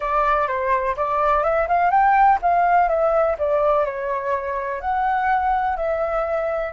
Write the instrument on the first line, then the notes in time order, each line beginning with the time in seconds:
flute
0.00 D5
0.47 C5
0.96 D5
1.43 E5
1.68 F5
1.90 G5
2.42 F5
2.88 E5
3.38 D5
3.85 C#5
4.80 F#5
5.76 E5